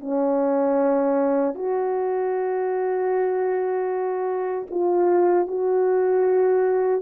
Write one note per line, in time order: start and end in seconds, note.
0.00 1.54 C#4
1.54 4.66 F#4
4.70 5.47 F4
5.47 7.01 F#4